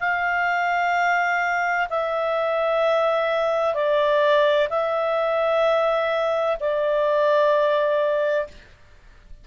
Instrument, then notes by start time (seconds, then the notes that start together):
clarinet
0.00 F5
1.89 E5
3.74 D5
4.69 E5
6.60 D5